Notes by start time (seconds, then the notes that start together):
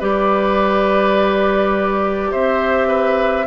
0.00 G3 G4 B4 D5
2.31 C4 C5 E5
2.88 B4